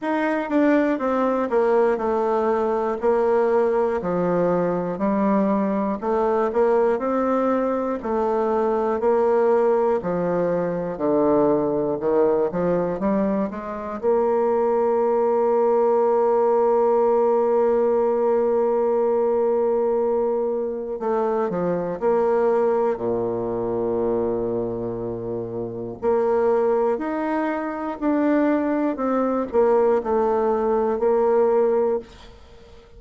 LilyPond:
\new Staff \with { instrumentName = "bassoon" } { \time 4/4 \tempo 4 = 60 dis'8 d'8 c'8 ais8 a4 ais4 | f4 g4 a8 ais8 c'4 | a4 ais4 f4 d4 | dis8 f8 g8 gis8 ais2~ |
ais1~ | ais4 a8 f8 ais4 ais,4~ | ais,2 ais4 dis'4 | d'4 c'8 ais8 a4 ais4 | }